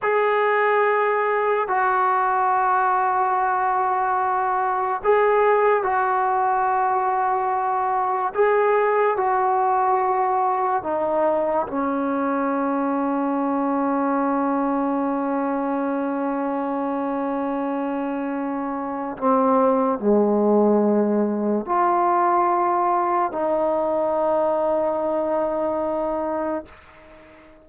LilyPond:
\new Staff \with { instrumentName = "trombone" } { \time 4/4 \tempo 4 = 72 gis'2 fis'2~ | fis'2 gis'4 fis'4~ | fis'2 gis'4 fis'4~ | fis'4 dis'4 cis'2~ |
cis'1~ | cis'2. c'4 | gis2 f'2 | dis'1 | }